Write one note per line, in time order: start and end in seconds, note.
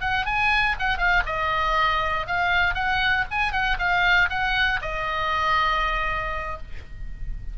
0.00 0.25 F#5
0.25 0.76 G#5
0.79 0.97 F#5
0.97 1.22 F5
1.26 2.26 D#5
2.26 2.74 F5
2.74 3.25 F#5
3.30 3.52 G#5
3.52 3.77 F#5
3.78 4.29 F5
4.29 4.80 F#5
4.81 6.58 D#5